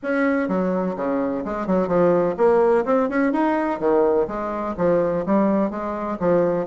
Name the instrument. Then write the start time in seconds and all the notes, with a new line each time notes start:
bassoon
0.03 C#4
0.48 F#3
0.96 C#3
1.44 G#3
1.67 F#3
1.87 F3
2.37 A#3
2.85 C4
3.09 C#4
3.32 D#4
3.79 D#3
4.27 G#3
4.77 F3
5.26 G3
5.70 G#3
6.19 F3